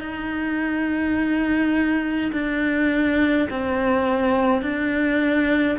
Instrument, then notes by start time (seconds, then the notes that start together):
cello
0.00 D#4
2.32 D4
3.50 C4
4.62 D4